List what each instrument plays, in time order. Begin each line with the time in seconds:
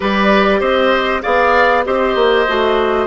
0.00 bassoon G3, clarinet G4, oboe B4, flute D5
0.60 bassoon C4, oboe C5, flute D#5
1.22 bassoon B3, clarinet G#4, oboe D5, flute F5
1.84 bassoon C4, clarinet G4, oboe C5, flute D#5
2.15 bassoon A#3
2.47 bassoon A3, clarinet F#4